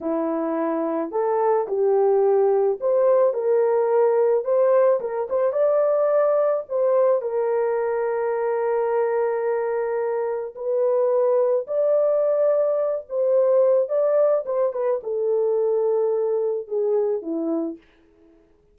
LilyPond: \new Staff \with { instrumentName = "horn" } { \time 4/4 \tempo 4 = 108 e'2 a'4 g'4~ | g'4 c''4 ais'2 | c''4 ais'8 c''8 d''2 | c''4 ais'2.~ |
ais'2. b'4~ | b'4 d''2~ d''8 c''8~ | c''4 d''4 c''8 b'8 a'4~ | a'2 gis'4 e'4 | }